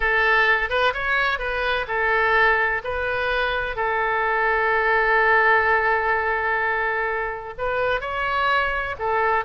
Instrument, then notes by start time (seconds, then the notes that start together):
oboe
0.00 A4
0.69 B4
0.93 C#5
1.39 B4
1.87 A4
2.83 B4
3.76 A4
7.58 B4
8.01 C#5
8.98 A4